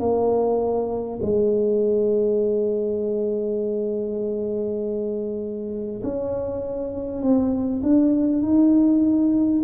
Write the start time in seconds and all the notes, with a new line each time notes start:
0.00 A#3
1.23 G#3
6.04 C#4
7.22 C4
7.83 D4
8.43 D#4